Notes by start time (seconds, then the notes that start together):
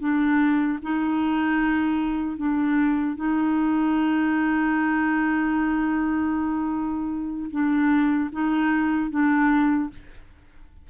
0.00 D4
0.83 D#4
2.37 D4
3.16 D#4
7.51 D4
8.32 D#4
9.11 D4